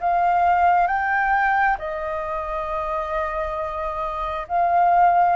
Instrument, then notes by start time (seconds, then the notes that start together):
flute
0.00 F5
0.88 G5
1.79 D#5
4.48 F5